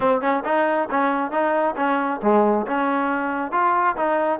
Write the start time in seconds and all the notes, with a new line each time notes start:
0.00 C4
0.21 C#4
0.44 D#4
0.90 C#4
1.31 D#4
1.76 C#4
2.22 G#3
2.67 C#4
3.51 F4
3.96 D#4